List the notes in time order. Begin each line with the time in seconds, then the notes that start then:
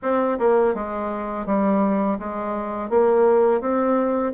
0.02 C4
0.38 A#3
0.74 G#3
1.46 G3
2.19 G#3
2.89 A#3
3.60 C4